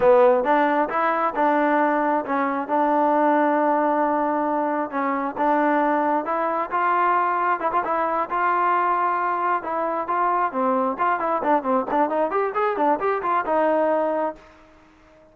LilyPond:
\new Staff \with { instrumentName = "trombone" } { \time 4/4 \tempo 4 = 134 b4 d'4 e'4 d'4~ | d'4 cis'4 d'2~ | d'2. cis'4 | d'2 e'4 f'4~ |
f'4 e'16 f'16 e'4 f'4.~ | f'4. e'4 f'4 c'8~ | c'8 f'8 e'8 d'8 c'8 d'8 dis'8 g'8 | gis'8 d'8 g'8 f'8 dis'2 | }